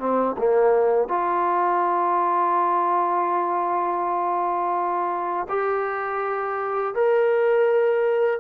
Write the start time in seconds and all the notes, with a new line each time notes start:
0.00 C4
0.38 A#3
1.09 F4
5.49 G4
6.95 A#4